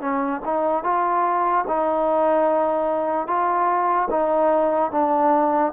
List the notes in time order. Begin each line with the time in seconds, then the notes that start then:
0.00 C#4
0.44 D#4
0.83 F4
1.67 D#4
3.27 F4
4.10 D#4
4.91 D4